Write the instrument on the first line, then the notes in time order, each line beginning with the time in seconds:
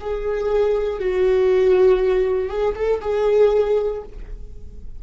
viola
0.00 G#4
0.99 F#4
2.49 G#4
2.75 A4
3.01 G#4